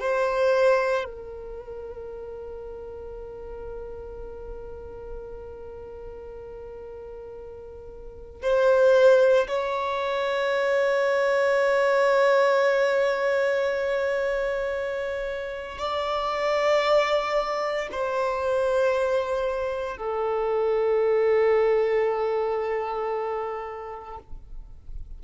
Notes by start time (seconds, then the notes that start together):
0.00 C5
1.05 A#4
8.42 C5
9.48 C#5
15.78 D5
17.92 C5
19.98 A4